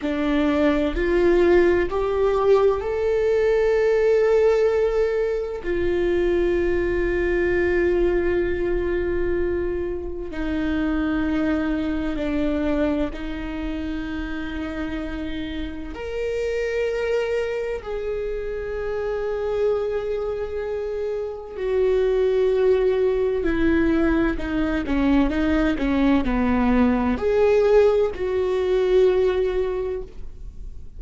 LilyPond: \new Staff \with { instrumentName = "viola" } { \time 4/4 \tempo 4 = 64 d'4 f'4 g'4 a'4~ | a'2 f'2~ | f'2. dis'4~ | dis'4 d'4 dis'2~ |
dis'4 ais'2 gis'4~ | gis'2. fis'4~ | fis'4 e'4 dis'8 cis'8 dis'8 cis'8 | b4 gis'4 fis'2 | }